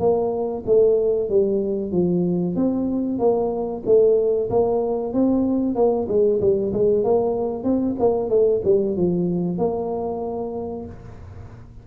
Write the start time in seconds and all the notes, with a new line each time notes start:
0.00 A#3
0.66 A3
1.30 G3
1.92 F3
2.56 C4
3.19 A#3
3.86 A3
4.50 A#3
5.14 C4
5.76 A#3
6.09 G#3
6.41 G3
6.74 G#3
7.04 A#3
7.64 C4
8.00 A#3
8.30 A3
8.65 G3
8.97 F3
9.59 A#3